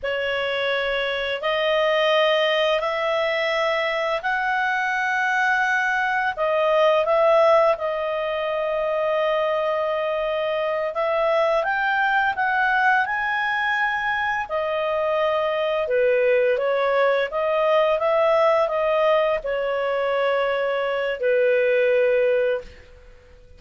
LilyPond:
\new Staff \with { instrumentName = "clarinet" } { \time 4/4 \tempo 4 = 85 cis''2 dis''2 | e''2 fis''2~ | fis''4 dis''4 e''4 dis''4~ | dis''2.~ dis''8 e''8~ |
e''8 g''4 fis''4 gis''4.~ | gis''8 dis''2 b'4 cis''8~ | cis''8 dis''4 e''4 dis''4 cis''8~ | cis''2 b'2 | }